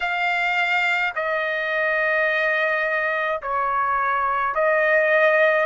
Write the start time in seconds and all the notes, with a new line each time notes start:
0.00 F5
1.15 D#5
3.42 C#5
4.54 D#5